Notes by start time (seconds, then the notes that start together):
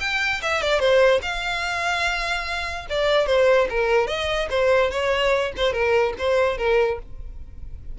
0.00 G5
0.42 E5
0.62 D5
0.80 C5
1.22 F5
2.90 D5
3.26 C5
3.70 A#4
4.07 D#5
4.50 C5
4.91 C#5
5.57 C5
5.73 A#4
6.18 C5
6.58 A#4